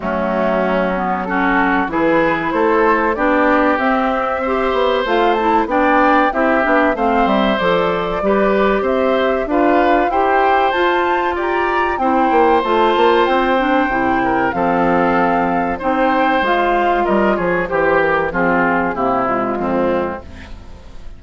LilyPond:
<<
  \new Staff \with { instrumentName = "flute" } { \time 4/4 \tempo 4 = 95 fis'2 a'4 b'4 | c''4 d''4 e''2 | f''8 a''8 g''4 e''4 f''8 e''8 | d''2 e''4 f''4 |
g''4 a''4 ais''4 g''4 | a''4 g''2 f''4~ | f''4 g''4 f''4 dis''8 cis''8 | c''8 ais'8 gis'4 g'8 f'4. | }
  \new Staff \with { instrumentName = "oboe" } { \time 4/4 cis'2 fis'4 gis'4 | a'4 g'2 c''4~ | c''4 d''4 g'4 c''4~ | c''4 b'4 c''4 b'4 |
c''2 d''4 c''4~ | c''2~ c''8 ais'8 a'4~ | a'4 c''2 ais'8 gis'8 | g'4 f'4 e'4 c'4 | }
  \new Staff \with { instrumentName = "clarinet" } { \time 4/4 a4. b8 cis'4 e'4~ | e'4 d'4 c'4 g'4 | f'8 e'8 d'4 e'8 d'8 c'4 | a'4 g'2 f'4 |
g'4 f'2 e'4 | f'4. d'8 e'4 c'4~ | c'4 dis'4 f'2 | g'4 c'4 ais8 gis4. | }
  \new Staff \with { instrumentName = "bassoon" } { \time 4/4 fis2. e4 | a4 b4 c'4. b8 | a4 b4 c'8 b8 a8 g8 | f4 g4 c'4 d'4 |
e'4 f'4 g'4 c'8 ais8 | a8 ais8 c'4 c4 f4~ | f4 c'4 gis4 g8 f8 | e4 f4 c4 f,4 | }
>>